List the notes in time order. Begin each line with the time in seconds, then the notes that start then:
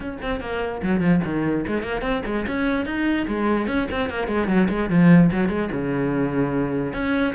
0.00 C#4
0.22 C4
0.40 A#3
0.82 F#3
1.00 F3
1.24 D#3
1.67 G#3
1.83 A#3
2.01 C4
2.25 G#3
2.47 C#4
2.85 D#4
3.27 G#3
3.67 C#4
3.91 C4
4.09 A#3
4.27 G#3
4.47 F#3
4.69 G#3
4.89 F3
5.32 F#3
5.48 G#3
5.72 C#3
6.93 C#4